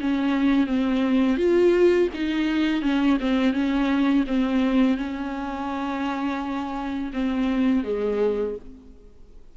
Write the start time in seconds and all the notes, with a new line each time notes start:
0.00 C#4
0.67 C4
1.37 F4
2.14 D#4
2.82 C#4
3.20 C4
3.53 C#4
4.27 C4
4.97 C#4
7.13 C4
7.84 G#3